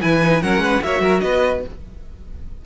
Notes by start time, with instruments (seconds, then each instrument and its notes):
0.00 cello E3, viola E4, violin B4 G#5
0.22 viola D#4
0.41 cello F#3, viola C#4, violin A#4 F#5
0.57 cello G#3, violin B4
0.82 cello A#3, viola F#4, violin C#5 E5
1.00 cello F#3, violin A#4
1.20 cello B3, violin B4 D#5